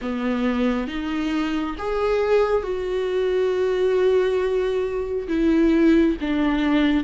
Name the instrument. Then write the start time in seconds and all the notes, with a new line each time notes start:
viola
0.01 B3
0.87 D#4
1.78 G#4
2.62 F#4
5.27 E4
6.20 D4